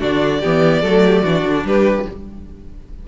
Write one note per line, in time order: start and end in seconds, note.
0.00 0.43 D3
0.00 0.41 D4
0.00 0.41 F#4
0.00 1.67 D5
0.41 0.82 E3
0.41 0.84 B3
0.41 0.82 G4
0.82 1.24 F#3
0.82 1.25 A3
0.82 1.03 A4
1.06 1.23 G4
1.23 1.44 E3
1.23 2.08 D4
1.23 1.65 F#4
1.46 1.65 D3
1.65 2.06 G3
1.65 2.08 G4
1.65 2.08 B4